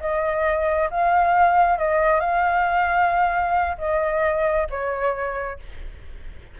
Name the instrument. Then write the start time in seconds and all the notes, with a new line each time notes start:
flute
0.00 D#5
0.90 F5
1.78 D#5
2.20 F5
3.78 D#5
4.70 C#5